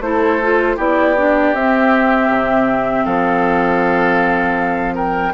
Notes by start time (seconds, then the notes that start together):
0.00 A3 E4 A4 C5
0.42 F4
0.76 B3 E4 G4 D5
1.17 D4
1.53 C4 E5
2.28 C3
3.05 F3 A4 F5
4.94 A#4 G5